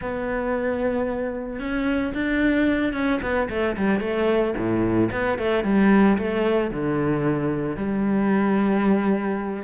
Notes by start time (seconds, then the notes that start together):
0.01 B3
1.59 C#4
2.14 D4
2.93 C#4
3.22 B3
3.49 A3
3.76 G3
4.00 A3
4.57 A2
5.11 B3
5.38 A3
5.64 G3
6.18 A3
6.70 D3
7.76 G3